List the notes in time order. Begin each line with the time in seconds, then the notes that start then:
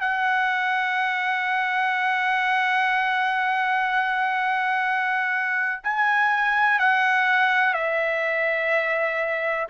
0.00 F#5
5.83 G#5
6.79 F#5
7.73 E5